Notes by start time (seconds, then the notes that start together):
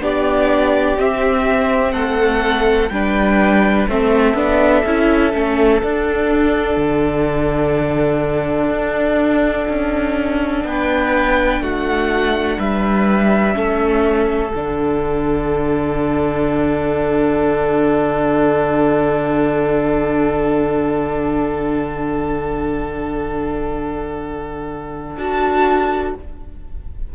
0.00 B3 D4 G4 D5
0.96 C4 E5
1.92 A3 A4 F#5
2.89 G3 D4 B4 G5
3.88 A3 C4 A4 E5
4.34 B3 D4
4.85 C#4 E4
5.33 A3 C#4
5.82 D4 F#5
6.77 D3
8.70 D4
9.68 C#4
10.64 B3 B4 G5
11.61 A3 F#4 F#5
12.58 G3 B4 E5
13.53 A3 C#4 A4
14.53 D3 D4 F#5
25.17 D4 F#4 A5